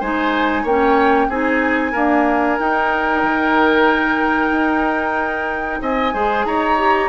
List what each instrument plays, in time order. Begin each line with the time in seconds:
0.00 bassoon G#3, clarinet D#4, oboe C5, flute G#5
0.63 bassoon A#3, clarinet C#4, oboe C#5, flute G5
1.29 bassoon C4, clarinet D#4, oboe G#4, flute G#5
1.92 clarinet A#3, bassoon D4, oboe A#4
2.59 bassoon D#4, clarinet D#4, flute G5
3.23 bassoon D#3
4.51 bassoon D#4
5.81 bassoon C4, oboe D#5, flute G#5
6.13 bassoon G#3, clarinet G#4, oboe C5
6.45 bassoon D#4, oboe C#5, flute A#5
6.78 clarinet G4